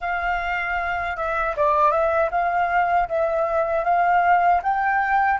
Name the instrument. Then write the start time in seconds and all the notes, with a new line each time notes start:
flute
0.00 F5
1.16 E5
1.56 D5
1.91 E5
2.31 F5
3.08 E5
3.84 F5
4.62 G5